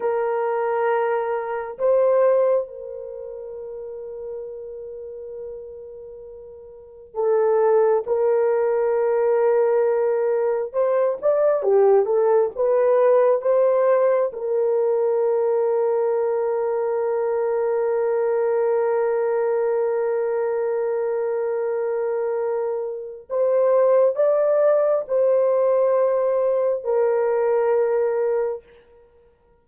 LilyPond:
\new Staff \with { instrumentName = "horn" } { \time 4/4 \tempo 4 = 67 ais'2 c''4 ais'4~ | ais'1 | a'4 ais'2. | c''8 d''8 g'8 a'8 b'4 c''4 |
ais'1~ | ais'1~ | ais'2 c''4 d''4 | c''2 ais'2 | }